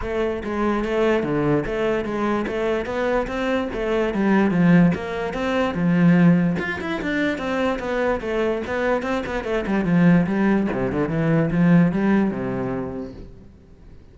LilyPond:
\new Staff \with { instrumentName = "cello" } { \time 4/4 \tempo 4 = 146 a4 gis4 a4 d4 | a4 gis4 a4 b4 | c'4 a4 g4 f4 | ais4 c'4 f2 |
f'8 e'8 d'4 c'4 b4 | a4 b4 c'8 b8 a8 g8 | f4 g4 c8 d8 e4 | f4 g4 c2 | }